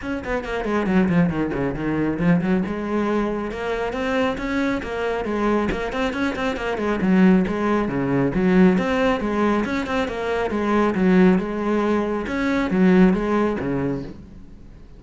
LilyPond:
\new Staff \with { instrumentName = "cello" } { \time 4/4 \tempo 4 = 137 cis'8 b8 ais8 gis8 fis8 f8 dis8 cis8 | dis4 f8 fis8 gis2 | ais4 c'4 cis'4 ais4 | gis4 ais8 c'8 cis'8 c'8 ais8 gis8 |
fis4 gis4 cis4 fis4 | c'4 gis4 cis'8 c'8 ais4 | gis4 fis4 gis2 | cis'4 fis4 gis4 cis4 | }